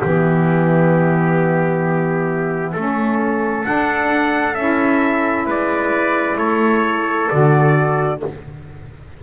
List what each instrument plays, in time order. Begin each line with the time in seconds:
0.00 double bass E3, saxophone B3, trumpet G4 E5
2.73 double bass A3, saxophone C#4, trumpet A4
3.64 saxophone D4, double bass D4, trumpet F#5
4.55 double bass C#4, saxophone E4, trumpet E5
5.46 double bass G#3, trumpet B4 D5
6.37 double bass A3, trumpet A4 C#5
7.29 double bass D3, saxophone F#4, trumpet D5